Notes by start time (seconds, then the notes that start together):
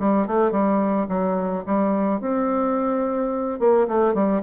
0.00 G3
0.28 A3
0.52 G3
1.09 F#3
1.66 G3
2.21 C4
3.60 A#3
3.88 A3
4.15 G3